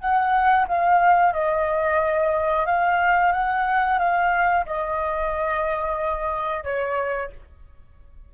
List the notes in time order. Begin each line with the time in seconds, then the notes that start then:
0.00 F#5
0.68 F5
1.33 D#5
2.66 F5
3.32 F#5
3.99 F5
4.66 D#5
6.64 C#5